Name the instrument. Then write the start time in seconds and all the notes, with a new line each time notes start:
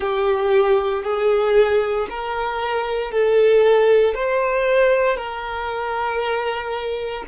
violin
0.00 G4
1.03 G#4
2.09 A#4
3.11 A4
4.14 C5
5.17 A#4